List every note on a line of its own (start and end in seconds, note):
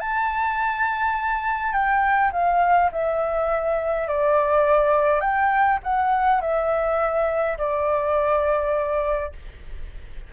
0.00 1.73 A5
1.73 2.31 G5
2.32 2.91 F5
2.92 4.08 E5
4.08 5.21 D5
5.21 5.79 G5
5.84 6.41 F#5
6.41 7.58 E5
7.58 9.33 D5